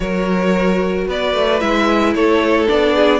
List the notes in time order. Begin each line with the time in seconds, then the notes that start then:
0.00 F#3 F#4 A#4 C#5
1.07 B3 B4 D5
1.34 A3
1.59 G#3 E4 E5
2.14 A3 A4 C#5
2.67 B3 D4 D5
2.95 G#4